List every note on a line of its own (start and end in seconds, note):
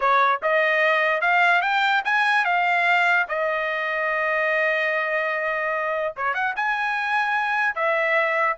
0.00 0.40 C#5
0.42 1.21 D#5
1.21 1.61 F5
1.61 2.02 G5
2.04 2.45 G#5
2.45 3.26 F5
3.28 6.14 D#5
6.16 6.34 C#5
6.34 6.54 F#5
6.55 7.75 G#5
7.75 8.56 E5